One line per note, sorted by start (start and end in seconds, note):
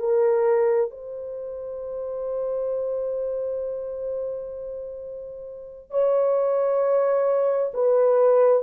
0.00 0.91 A#4
0.91 5.91 C5
5.91 7.73 C#5
7.74 8.63 B4